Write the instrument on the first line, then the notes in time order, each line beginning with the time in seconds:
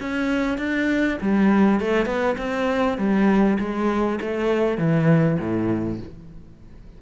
cello
0.00 C#4
0.58 D4
1.21 G3
1.80 A3
2.06 B3
2.38 C4
2.98 G3
3.59 G#3
4.21 A3
4.78 E3
5.39 A2